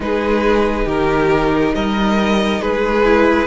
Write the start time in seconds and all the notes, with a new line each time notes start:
0.00 G#3 D#4 G#4 B4
0.85 D#3 G4 A#4
1.75 G3 A#4 D#5
2.60 G#3 G#4 B4
3.04 E4